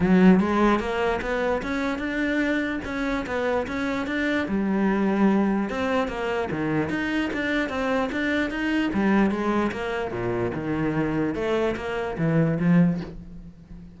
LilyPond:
\new Staff \with { instrumentName = "cello" } { \time 4/4 \tempo 4 = 148 fis4 gis4 ais4 b4 | cis'4 d'2 cis'4 | b4 cis'4 d'4 g4~ | g2 c'4 ais4 |
dis4 dis'4 d'4 c'4 | d'4 dis'4 g4 gis4 | ais4 ais,4 dis2 | a4 ais4 e4 f4 | }